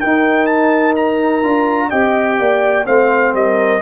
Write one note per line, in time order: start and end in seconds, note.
0.00 1.43 D#4
0.00 1.88 A#4
0.00 0.46 G5
0.46 0.93 A5
0.95 1.90 A#5
1.43 1.91 D4
1.43 1.90 F4
1.88 2.39 C4
1.88 2.85 G4
1.88 2.36 D#5
1.88 2.85 G5
2.39 2.87 A#3
2.39 2.86 D5
2.85 3.34 A3
2.85 3.80 C4
2.85 3.34 C5
2.85 3.34 F5
3.34 3.81 G3
3.34 3.81 A#4
3.34 3.81 D#5